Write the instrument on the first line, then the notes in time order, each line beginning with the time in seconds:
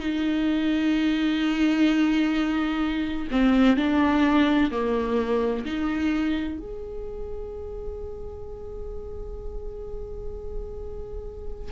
viola
0.00 D#4
3.31 C4
3.77 D4
4.71 A#3
5.65 D#4
6.59 G#4